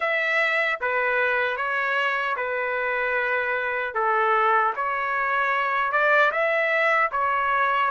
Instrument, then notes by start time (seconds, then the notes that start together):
trumpet
0.00 E5
0.81 B4
1.56 C#5
2.36 B4
3.94 A4
4.75 C#5
5.91 D5
6.31 E5
7.11 C#5